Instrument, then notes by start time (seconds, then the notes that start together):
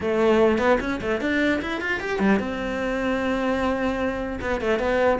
cello
0.01 A3
0.58 B3
0.80 C#4
1.01 A3
1.20 D4
1.61 E4
1.81 F4
2.00 G4
2.19 G3
2.39 C4
4.41 B3
4.61 A3
4.79 B3